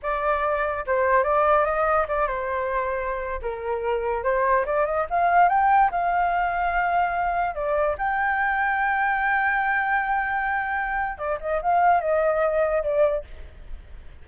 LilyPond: \new Staff \with { instrumentName = "flute" } { \time 4/4 \tempo 4 = 145 d''2 c''4 d''4 | dis''4 d''8 c''2~ c''8~ | c''16 ais'2 c''4 d''8 dis''16~ | dis''16 f''4 g''4 f''4.~ f''16~ |
f''2~ f''16 d''4 g''8.~ | g''1~ | g''2. d''8 dis''8 | f''4 dis''2 d''4 | }